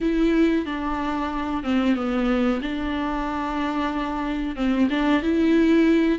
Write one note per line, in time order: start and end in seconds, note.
0.01 0.65 E4
0.65 1.63 D4
1.63 1.95 C4
1.95 2.61 B3
2.61 4.55 D4
4.55 4.88 C4
4.89 5.22 D4
5.22 6.18 E4